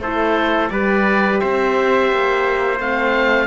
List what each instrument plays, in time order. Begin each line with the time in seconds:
0.00 cello A3, horn E4, trumpet A4, oboe C5
0.70 cello G3, horn G4, trumpet B4, oboe D5
1.40 cello C4, trumpet C5, oboe E5
2.12 cello A#3
2.80 cello A3, horn C4, oboe F5